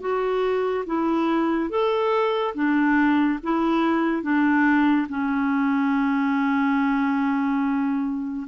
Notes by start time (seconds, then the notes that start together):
0.00 F#4
0.86 E4
1.69 A4
2.54 D4
3.43 E4
4.22 D4
5.09 C#4